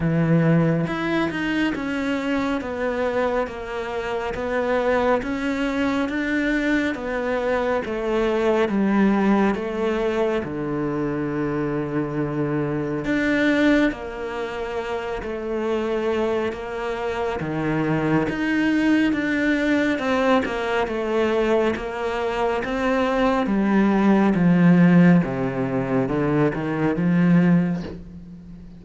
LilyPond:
\new Staff \with { instrumentName = "cello" } { \time 4/4 \tempo 4 = 69 e4 e'8 dis'8 cis'4 b4 | ais4 b4 cis'4 d'4 | b4 a4 g4 a4 | d2. d'4 |
ais4. a4. ais4 | dis4 dis'4 d'4 c'8 ais8 | a4 ais4 c'4 g4 | f4 c4 d8 dis8 f4 | }